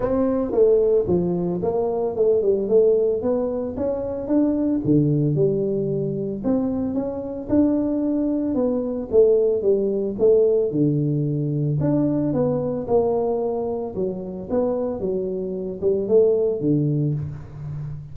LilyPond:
\new Staff \with { instrumentName = "tuba" } { \time 4/4 \tempo 4 = 112 c'4 a4 f4 ais4 | a8 g8 a4 b4 cis'4 | d'4 d4 g2 | c'4 cis'4 d'2 |
b4 a4 g4 a4 | d2 d'4 b4 | ais2 fis4 b4 | fis4. g8 a4 d4 | }